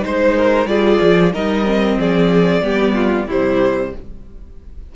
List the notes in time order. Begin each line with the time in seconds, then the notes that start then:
0.00 G#3 D#4 C5
0.36 A#4
0.65 G3 F4 G#4 D5
1.01 F3
1.33 G3 D#4 A#4 D#5
1.64 C4
1.96 F3 G#4 D5
2.61 G3 B3 G4
2.95 F4
3.27 C3 G3 E4 C5